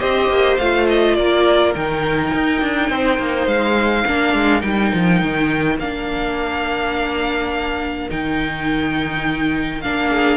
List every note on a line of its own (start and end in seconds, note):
0.00 0.29 C4
0.00 0.58 G4
0.00 1.16 C5
0.00 0.58 D#5
0.29 0.58 A#3
0.59 1.18 A3
0.59 1.75 F4
0.59 0.87 F5
0.89 1.16 D#5
1.16 1.75 A#3
1.16 2.92 A#4
1.16 1.73 D5
1.75 2.34 D#3
1.75 4.06 D#4
1.75 3.48 G5
2.34 2.62 D#4
2.62 2.90 D4
2.90 3.19 C4
2.90 4.07 C5
3.19 3.47 A#3
3.47 4.05 G#3
3.47 4.61 F5
4.07 4.34 A#3
4.07 4.62 D4
4.07 10.10 A#4
4.34 4.63 G#3
4.61 4.93 G3
4.61 5.77 D#4
4.61 5.77 G5
4.94 5.22 F3
5.22 5.79 D#3
5.79 8.10 A#3
5.79 8.11 D4
5.79 8.11 F5
8.11 9.85 D#3
8.11 9.84 D#4
8.11 9.82 G5
9.82 10.38 A#3
9.82 10.38 D4
9.82 10.38 F5
10.10 10.38 G#4